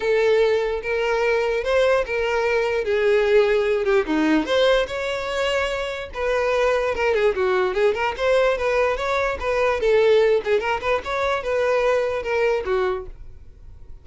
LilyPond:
\new Staff \with { instrumentName = "violin" } { \time 4/4 \tempo 4 = 147 a'2 ais'2 | c''4 ais'2 gis'4~ | gis'4. g'8 dis'4 c''4 | cis''2. b'4~ |
b'4 ais'8 gis'8 fis'4 gis'8 ais'8 | c''4 b'4 cis''4 b'4 | a'4. gis'8 ais'8 b'8 cis''4 | b'2 ais'4 fis'4 | }